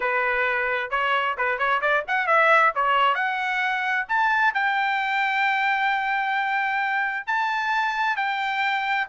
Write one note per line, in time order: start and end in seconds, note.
0.00 0.90 B4
0.90 1.35 C#5
1.37 1.58 B4
1.58 1.81 C#5
1.81 2.04 D5
2.07 2.26 F#5
2.26 2.72 E5
2.75 3.15 C#5
3.15 4.06 F#5
4.08 4.54 A5
4.54 7.26 G5
7.26 8.16 A5
8.16 9.07 G5